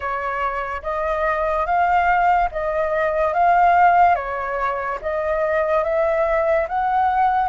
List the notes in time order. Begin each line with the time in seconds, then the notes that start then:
0.00 C#5
0.82 D#5
1.66 F5
2.52 D#5
3.33 F5
4.15 C#5
5.01 D#5
5.83 E5
6.68 F#5